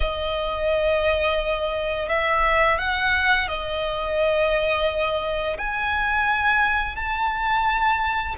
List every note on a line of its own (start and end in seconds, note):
0.00 2.08 D#5
2.09 2.78 E5
2.78 3.48 F#5
3.48 5.57 D#5
5.58 6.96 G#5
6.96 8.35 A5